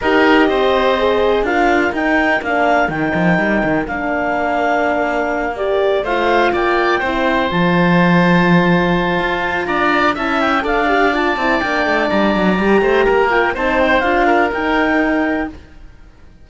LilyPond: <<
  \new Staff \with { instrumentName = "clarinet" } { \time 4/4 \tempo 4 = 124 dis''2. f''4 | g''4 f''4 g''2 | f''2.~ f''8 d''8~ | d''8 f''4 g''2 a''8~ |
a''1 | ais''4 a''8 g''8 f''4 a''4 | g''4 ais''2~ ais''8 g''8 | a''8 g''8 f''4 g''2 | }
  \new Staff \with { instrumentName = "oboe" } { \time 4/4 ais'4 c''2 ais'4~ | ais'1~ | ais'1~ | ais'8 c''4 d''4 c''4.~ |
c''1 | d''4 e''4 d''2~ | d''2~ d''8 c''8 ais'4 | c''4. ais'2~ ais'8 | }
  \new Staff \with { instrumentName = "horn" } { \time 4/4 g'2 gis'4 f'4 | dis'4 d'4 dis'2 | d'2.~ d'8 g'8~ | g'8 f'2 e'4 f'8~ |
f'1~ | f'4 e'4 a'8 g'8 f'8 e'8 | d'2 g'4. f'8 | dis'4 f'4 dis'2 | }
  \new Staff \with { instrumentName = "cello" } { \time 4/4 dis'4 c'2 d'4 | dis'4 ais4 dis8 f8 g8 dis8 | ais1~ | ais8 a4 ais4 c'4 f8~ |
f2. f'4 | d'4 cis'4 d'4. c'8 | ais8 a8 g8 fis8 g8 a8 ais4 | c'4 d'4 dis'2 | }
>>